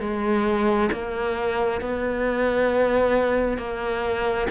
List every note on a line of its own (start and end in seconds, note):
0.00 0.90 G#3
0.92 1.81 A#3
1.81 3.57 B3
3.57 4.47 A#3